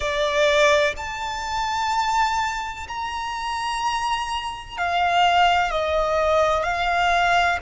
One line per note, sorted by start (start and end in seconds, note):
0.00 0.94 D5
0.96 2.87 A5
2.87 4.77 A#5
4.77 5.71 F5
5.71 6.63 D#5
6.63 7.58 F5